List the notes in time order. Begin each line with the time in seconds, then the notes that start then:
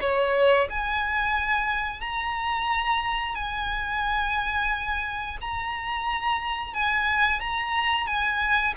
0.00 C#5
0.70 G#5
2.00 A#5
3.35 G#5
5.41 A#5
6.74 G#5
7.40 A#5
8.06 G#5